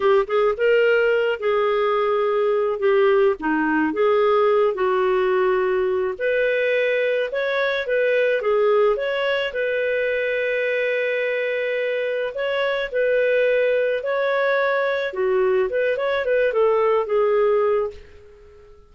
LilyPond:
\new Staff \with { instrumentName = "clarinet" } { \time 4/4 \tempo 4 = 107 g'8 gis'8 ais'4. gis'4.~ | gis'4 g'4 dis'4 gis'4~ | gis'8 fis'2~ fis'8 b'4~ | b'4 cis''4 b'4 gis'4 |
cis''4 b'2.~ | b'2 cis''4 b'4~ | b'4 cis''2 fis'4 | b'8 cis''8 b'8 a'4 gis'4. | }